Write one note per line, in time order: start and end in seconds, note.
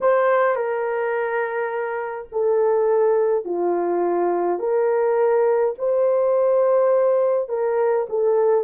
0.00 0.55 C5
0.55 2.28 A#4
2.32 3.44 A4
3.44 4.58 F4
4.58 5.74 A#4
5.78 7.48 C5
7.48 8.06 A#4
8.09 8.64 A4